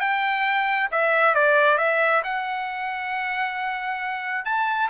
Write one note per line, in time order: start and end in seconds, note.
0.00 0.89 G5
0.91 1.34 E5
1.34 1.78 D5
1.78 2.22 E5
2.23 4.45 F#5
4.45 4.89 A5